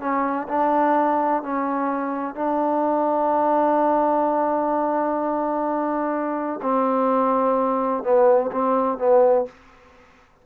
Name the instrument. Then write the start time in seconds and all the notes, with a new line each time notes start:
trombone
0.00 C#4
0.48 D4
1.42 C#4
2.35 D4
6.62 C4
8.03 B3
8.51 C4
8.98 B3